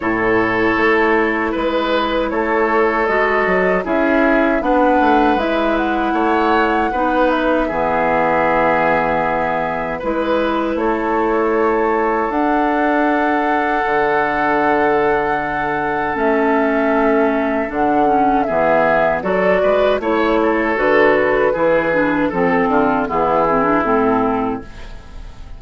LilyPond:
<<
  \new Staff \with { instrumentName = "flute" } { \time 4/4 \tempo 4 = 78 cis''2 b'4 cis''4 | dis''4 e''4 fis''4 e''8 fis''8~ | fis''4. e''2~ e''8~ | e''4 b'4 cis''2 |
fis''1~ | fis''4 e''2 fis''4 | e''4 d''4 cis''4 b'4~ | b'4 a'4 gis'4 a'4 | }
  \new Staff \with { instrumentName = "oboe" } { \time 4/4 a'2 b'4 a'4~ | a'4 gis'4 b'2 | cis''4 b'4 gis'2~ | gis'4 b'4 a'2~ |
a'1~ | a'1 | gis'4 a'8 b'8 cis''8 a'4. | gis'4 a'8 f'8 e'2 | }
  \new Staff \with { instrumentName = "clarinet" } { \time 4/4 e'1 | fis'4 e'4 d'4 e'4~ | e'4 dis'4 b2~ | b4 e'2. |
d'1~ | d'4 cis'2 d'8 cis'8 | b4 fis'4 e'4 fis'4 | e'8 d'8 c'4 b8 c'16 d'16 c'4 | }
  \new Staff \with { instrumentName = "bassoon" } { \time 4/4 a,4 a4 gis4 a4 | gis8 fis8 cis'4 b8 a8 gis4 | a4 b4 e2~ | e4 gis4 a2 |
d'2 d2~ | d4 a2 d4 | e4 fis8 gis8 a4 d4 | e4 f8 d8 e4 a,4 | }
>>